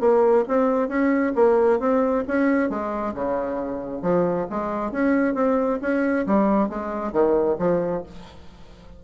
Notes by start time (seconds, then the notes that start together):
0.00 A#3
0.48 C4
0.88 C#4
1.35 A#3
1.79 C4
2.27 C#4
2.69 G#3
3.14 C#3
4.02 F3
4.50 G#3
4.92 C#4
5.34 C4
5.81 C#4
6.26 G3
6.69 G#3
7.12 D#3
7.58 F3